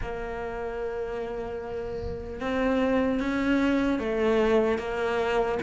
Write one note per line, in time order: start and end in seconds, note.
0.01 2.40 A#3
2.40 3.19 C4
3.19 3.99 C#4
3.99 4.78 A3
4.78 5.58 A#3